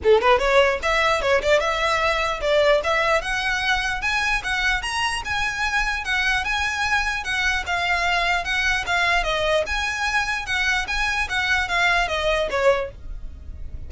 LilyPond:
\new Staff \with { instrumentName = "violin" } { \time 4/4 \tempo 4 = 149 a'8 b'8 cis''4 e''4 cis''8 d''8 | e''2 d''4 e''4 | fis''2 gis''4 fis''4 | ais''4 gis''2 fis''4 |
gis''2 fis''4 f''4~ | f''4 fis''4 f''4 dis''4 | gis''2 fis''4 gis''4 | fis''4 f''4 dis''4 cis''4 | }